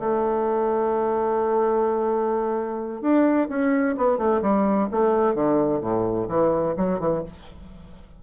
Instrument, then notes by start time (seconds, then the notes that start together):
bassoon
0.00 A3
3.02 D4
3.49 C#4
3.97 B3
4.18 A3
4.42 G3
4.92 A3
5.35 D3
5.81 A2
6.29 E3
6.77 F#3
7.00 E3